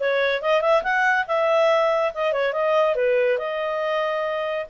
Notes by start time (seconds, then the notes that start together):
0.00 C#5
0.42 D#5
0.61 E5
0.83 F#5
1.28 E5
2.14 D#5
2.33 C#5
2.53 D#5
2.96 B4
3.38 D#5